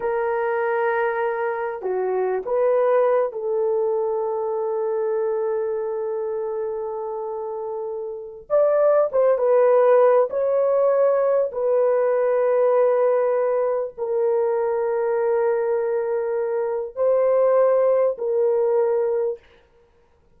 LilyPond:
\new Staff \with { instrumentName = "horn" } { \time 4/4 \tempo 4 = 99 ais'2. fis'4 | b'4. a'2~ a'8~ | a'1~ | a'2 d''4 c''8 b'8~ |
b'4 cis''2 b'4~ | b'2. ais'4~ | ais'1 | c''2 ais'2 | }